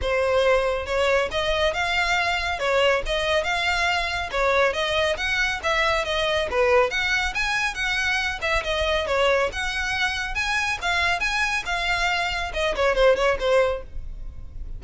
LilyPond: \new Staff \with { instrumentName = "violin" } { \time 4/4 \tempo 4 = 139 c''2 cis''4 dis''4 | f''2 cis''4 dis''4 | f''2 cis''4 dis''4 | fis''4 e''4 dis''4 b'4 |
fis''4 gis''4 fis''4. e''8 | dis''4 cis''4 fis''2 | gis''4 f''4 gis''4 f''4~ | f''4 dis''8 cis''8 c''8 cis''8 c''4 | }